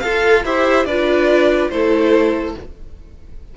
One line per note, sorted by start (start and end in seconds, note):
0.00 0.45 F4
0.00 0.45 A4
0.00 0.42 F5
0.45 0.86 E4
0.45 0.88 G4
0.45 0.87 C5
0.45 0.86 E5
0.86 1.70 D4
0.86 1.73 F4
0.86 1.71 B4
0.86 1.70 D5
1.70 2.55 A3
1.70 2.57 E4
1.70 2.56 A4
1.70 2.54 C5